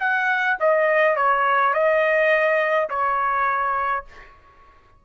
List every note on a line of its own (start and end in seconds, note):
0.00 0.58 F#5
0.60 1.16 D#5
1.16 1.74 C#5
1.74 2.89 D#5
2.90 4.05 C#5